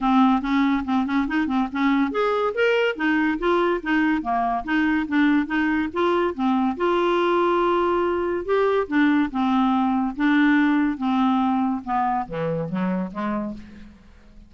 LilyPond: \new Staff \with { instrumentName = "clarinet" } { \time 4/4 \tempo 4 = 142 c'4 cis'4 c'8 cis'8 dis'8 c'8 | cis'4 gis'4 ais'4 dis'4 | f'4 dis'4 ais4 dis'4 | d'4 dis'4 f'4 c'4 |
f'1 | g'4 d'4 c'2 | d'2 c'2 | b4 e4 fis4 gis4 | }